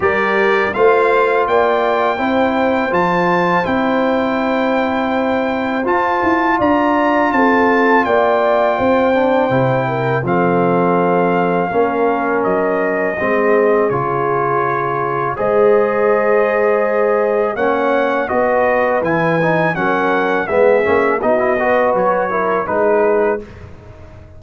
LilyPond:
<<
  \new Staff \with { instrumentName = "trumpet" } { \time 4/4 \tempo 4 = 82 d''4 f''4 g''2 | a''4 g''2. | a''4 ais''4 a''4 g''4~ | g''2 f''2~ |
f''4 dis''2 cis''4~ | cis''4 dis''2. | fis''4 dis''4 gis''4 fis''4 | e''4 dis''4 cis''4 b'4 | }
  \new Staff \with { instrumentName = "horn" } { \time 4/4 ais'4 c''4 d''4 c''4~ | c''1~ | c''4 d''4 a'4 d''4 | c''4. ais'8 a'2 |
ais'2 gis'2~ | gis'4 c''2. | cis''4 b'2 ais'4 | gis'4 fis'8 b'4 ais'8 gis'4 | }
  \new Staff \with { instrumentName = "trombone" } { \time 4/4 g'4 f'2 e'4 | f'4 e'2. | f'1~ | f'8 d'8 e'4 c'2 |
cis'2 c'4 f'4~ | f'4 gis'2. | cis'4 fis'4 e'8 dis'8 cis'4 | b8 cis'8 dis'16 e'16 fis'4 e'8 dis'4 | }
  \new Staff \with { instrumentName = "tuba" } { \time 4/4 g4 a4 ais4 c'4 | f4 c'2. | f'8 e'8 d'4 c'4 ais4 | c'4 c4 f2 |
ais4 fis4 gis4 cis4~ | cis4 gis2. | ais4 b4 e4 fis4 | gis8 ais8 b4 fis4 gis4 | }
>>